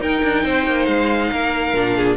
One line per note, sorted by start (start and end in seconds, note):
0.00 0.22 D#4
0.00 1.74 D#4
0.00 0.44 A#4
0.00 0.85 G5
0.22 0.44 D4
0.44 0.66 C4
0.44 1.31 C5
0.66 0.87 A#3
0.85 1.31 G#3
0.85 2.16 F5
1.32 1.73 A#3
1.32 1.97 A#4
1.73 2.16 A#2
1.73 2.16 D4
1.97 2.16 G#4